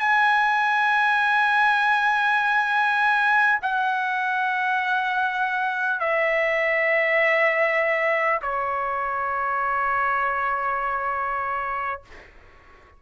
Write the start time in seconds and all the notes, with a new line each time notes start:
0.00 G#5
3.62 F#5
6.00 E5
8.42 C#5